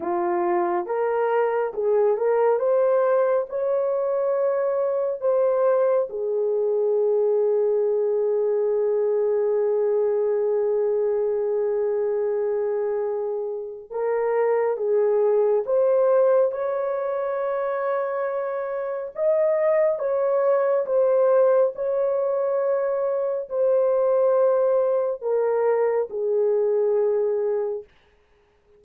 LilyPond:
\new Staff \with { instrumentName = "horn" } { \time 4/4 \tempo 4 = 69 f'4 ais'4 gis'8 ais'8 c''4 | cis''2 c''4 gis'4~ | gis'1~ | gis'1 |
ais'4 gis'4 c''4 cis''4~ | cis''2 dis''4 cis''4 | c''4 cis''2 c''4~ | c''4 ais'4 gis'2 | }